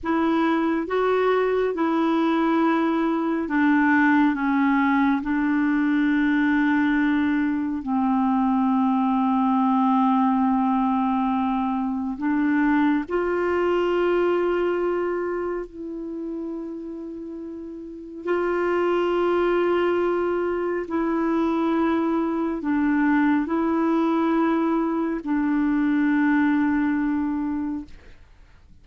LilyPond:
\new Staff \with { instrumentName = "clarinet" } { \time 4/4 \tempo 4 = 69 e'4 fis'4 e'2 | d'4 cis'4 d'2~ | d'4 c'2.~ | c'2 d'4 f'4~ |
f'2 e'2~ | e'4 f'2. | e'2 d'4 e'4~ | e'4 d'2. | }